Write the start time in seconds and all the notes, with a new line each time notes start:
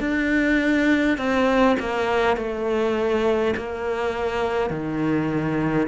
0.00 D4
1.18 C4
1.80 A#3
2.36 A3
3.57 A#3
4.70 D#3